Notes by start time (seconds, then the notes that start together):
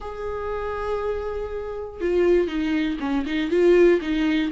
0.00 G#4
2.00 F4
2.47 D#4
3.00 C#4
3.26 D#4
3.50 F4
4.01 D#4